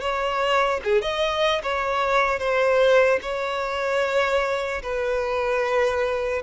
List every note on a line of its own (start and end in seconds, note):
0.00 0.80 C#5
0.84 1.01 G#4
1.01 1.61 D#5
1.63 2.39 C#5
2.39 3.19 C5
3.22 4.82 C#5
4.82 6.42 B4